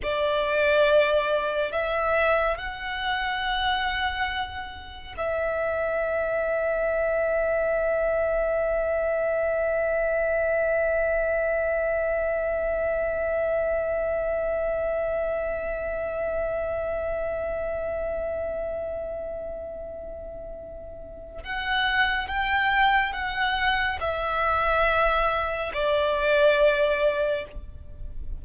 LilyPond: \new Staff \with { instrumentName = "violin" } { \time 4/4 \tempo 4 = 70 d''2 e''4 fis''4~ | fis''2 e''2~ | e''1~ | e''1~ |
e''1~ | e''1~ | e''4 fis''4 g''4 fis''4 | e''2 d''2 | }